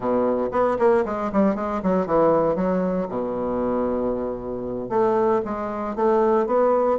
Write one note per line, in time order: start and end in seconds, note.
0.00 0.49 B2
0.51 0.77 B3
0.78 1.04 A#3
1.05 1.31 G#3
1.32 1.55 G3
1.55 1.81 G#3
1.82 2.06 F#3
2.06 2.55 E3
2.55 3.07 F#3
3.08 4.89 B2
4.89 5.41 A3
5.45 5.95 G#3
5.95 6.46 A3
6.46 6.98 B3